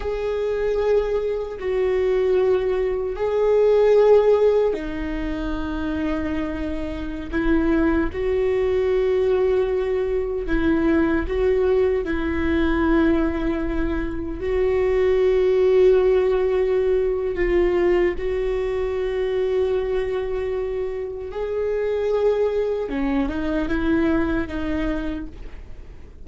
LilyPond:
\new Staff \with { instrumentName = "viola" } { \time 4/4 \tempo 4 = 76 gis'2 fis'2 | gis'2 dis'2~ | dis'4~ dis'16 e'4 fis'4.~ fis'16~ | fis'4~ fis'16 e'4 fis'4 e'8.~ |
e'2~ e'16 fis'4.~ fis'16~ | fis'2 f'4 fis'4~ | fis'2. gis'4~ | gis'4 cis'8 dis'8 e'4 dis'4 | }